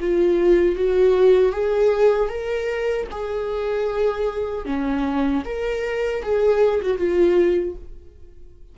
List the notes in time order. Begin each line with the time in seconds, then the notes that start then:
0.00 F4
0.75 F#4
1.52 G#4
2.29 A#4
3.11 G#4
4.65 C#4
5.45 A#4
6.23 G#4
6.81 F#4
6.97 F4